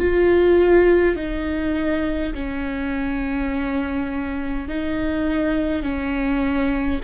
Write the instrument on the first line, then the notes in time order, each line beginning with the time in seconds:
viola
0.00 F4
1.16 D#4
2.34 C#4
4.68 D#4
5.83 C#4